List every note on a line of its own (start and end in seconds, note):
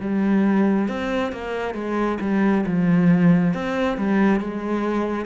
0.00 0.88 G3
0.88 1.32 C4
1.32 1.74 A#3
1.74 2.18 G#3
2.21 2.65 G3
2.66 3.54 F3
3.54 3.97 C4
3.97 4.40 G3
4.40 5.25 G#3